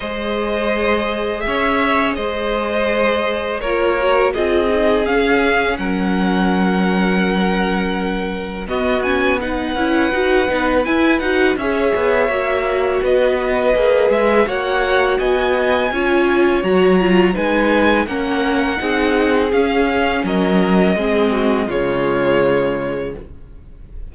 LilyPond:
<<
  \new Staff \with { instrumentName = "violin" } { \time 4/4 \tempo 4 = 83 dis''2 e''4 dis''4~ | dis''4 cis''4 dis''4 f''4 | fis''1 | dis''8 gis''8 fis''2 gis''8 fis''8 |
e''2 dis''4. e''8 | fis''4 gis''2 ais''4 | gis''4 fis''2 f''4 | dis''2 cis''2 | }
  \new Staff \with { instrumentName = "violin" } { \time 4/4 c''2 cis''4 c''4~ | c''4 ais'4 gis'2 | ais'1 | fis'4 b'2. |
cis''2 b'2 | cis''4 dis''4 cis''2 | b'4 ais'4 gis'2 | ais'4 gis'8 fis'8 f'2 | }
  \new Staff \with { instrumentName = "viola" } { \time 4/4 gis'1~ | gis'4 f'8 fis'8 f'8 dis'8 cis'4~ | cis'1 | b8 cis'8 dis'8 e'8 fis'8 dis'8 e'8 fis'8 |
gis'4 fis'2 gis'4 | fis'2 f'4 fis'8 f'8 | dis'4 cis'4 dis'4 cis'4~ | cis'4 c'4 gis2 | }
  \new Staff \with { instrumentName = "cello" } { \time 4/4 gis2 cis'4 gis4~ | gis4 ais4 c'4 cis'4 | fis1 | b4. cis'8 dis'8 b8 e'8 dis'8 |
cis'8 b8 ais4 b4 ais8 gis8 | ais4 b4 cis'4 fis4 | gis4 ais4 c'4 cis'4 | fis4 gis4 cis2 | }
>>